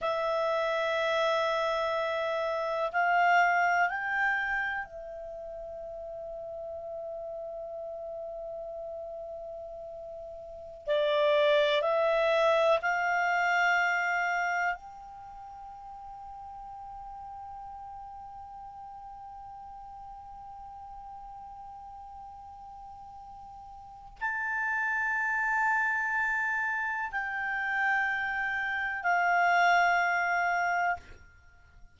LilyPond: \new Staff \with { instrumentName = "clarinet" } { \time 4/4 \tempo 4 = 62 e''2. f''4 | g''4 e''2.~ | e''2.~ e''16 d''8.~ | d''16 e''4 f''2 g''8.~ |
g''1~ | g''1~ | g''4 a''2. | g''2 f''2 | }